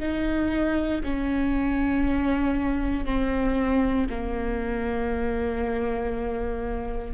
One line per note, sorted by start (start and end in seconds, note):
0.00 1.02 D#4
1.04 3.06 C#4
3.06 4.07 C4
4.10 7.14 A#3